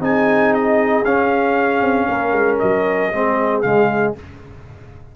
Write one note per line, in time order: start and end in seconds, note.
0.00 1.03 C4
0.00 1.05 D#4
0.00 2.08 G#4
0.00 0.54 G#5
0.54 1.04 D#5
1.04 1.81 C#4
1.04 3.12 C#4
1.04 2.59 F5
1.81 2.07 C4
2.08 2.32 A#3
2.08 3.11 A#4
2.32 2.58 G#3
2.59 3.13 F#3
2.59 3.62 D#5
3.12 3.64 G#3
3.12 3.64 C4
3.12 4.16 G#4
3.62 4.15 C#3
3.62 4.16 G#3
3.62 4.13 F5